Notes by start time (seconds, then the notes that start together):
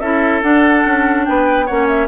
0.00 C#4 E4 A4 E5
0.42 D4 F#5
0.86 C#4
1.25 B3 B4 G5
1.66 A#3 C#4 C#5 F#5
1.88 E5